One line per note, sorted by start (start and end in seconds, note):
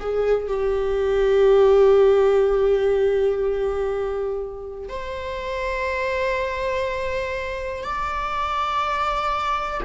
0.00 0.48 G#4
0.48 4.90 G4
4.90 7.84 C5
7.84 9.81 D5